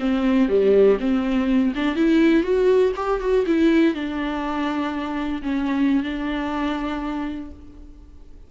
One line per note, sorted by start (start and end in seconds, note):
0.00 0.49 C4
0.49 0.99 G3
1.00 1.74 C4
1.75 1.96 D4
1.96 2.44 E4
2.44 2.93 F#4
2.96 3.21 G4
3.21 3.46 F#4
3.47 3.95 E4
3.95 5.42 D4
5.43 6.04 C#4
6.04 7.51 D4